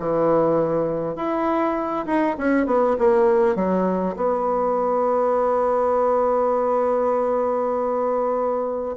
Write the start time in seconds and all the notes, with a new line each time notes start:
0.00 E3
1.16 E4
2.06 D#4
2.38 C#4
2.67 B3
2.99 A#3
3.56 F#3
4.16 B3